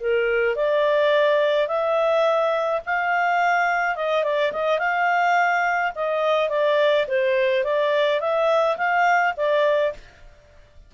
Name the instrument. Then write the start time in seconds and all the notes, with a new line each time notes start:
clarinet
0.00 A#4
0.56 D5
1.68 E5
2.86 F5
3.95 D#5
4.24 D5
4.53 D#5
4.79 F5
5.95 D#5
6.49 D5
7.08 C5
7.64 D5
8.20 E5
8.77 F5
9.37 D5